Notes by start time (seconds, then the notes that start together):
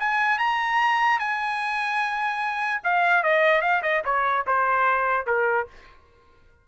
0.00 G#5
0.39 A#5
1.20 G#5
2.84 F5
3.24 D#5
3.62 F5
3.83 D#5
4.05 C#5
4.47 C5
5.27 A#4